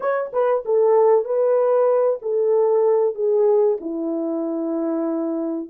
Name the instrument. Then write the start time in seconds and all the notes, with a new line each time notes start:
horn
0.00 C#5
0.32 B4
0.65 A4
1.24 B4
2.22 A4
3.14 G#4
3.80 E4